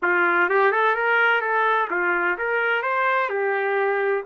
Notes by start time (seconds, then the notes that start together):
0.02 F4
0.49 G4
0.71 A4
0.95 A#4
1.41 A4
1.90 F4
2.38 A#4
2.82 C5
3.29 G4